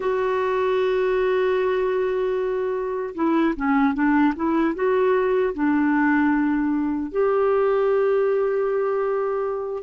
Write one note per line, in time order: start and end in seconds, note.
0.00 3.14 F#4
3.14 3.54 E4
3.55 3.94 C#4
3.94 4.33 D4
4.35 4.74 E4
4.74 5.53 F#4
5.54 7.11 D4
7.11 9.83 G4